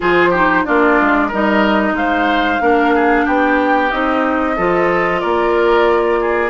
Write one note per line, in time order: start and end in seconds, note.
0.00 0.66 F3
0.00 0.32 F4
0.00 0.30 G#4
0.00 0.65 C5
0.30 0.65 D#4
0.30 0.62 G4
0.65 1.00 A#3
0.65 1.30 D4
0.65 1.28 F4
0.65 1.30 D5
1.00 1.33 G#3
1.28 1.92 G3
1.28 2.60 D#4
1.28 1.93 A#4
1.28 1.96 D#5
1.92 2.57 G#3
1.92 2.62 C5
1.92 3.26 F5
2.60 3.26 A#3
2.60 3.90 D4
2.60 2.94 A#4
2.94 3.25 G#4
3.25 3.92 B3
3.25 4.55 G4
3.25 3.91 G5
3.91 4.57 C4
3.91 4.56 D#4
3.91 5.20 D#5
4.56 5.23 F3
4.56 6.50 F4
4.56 5.21 A4
5.20 6.50 A#3
5.20 6.19 A#4
5.20 6.50 D5
6.21 6.50 G#4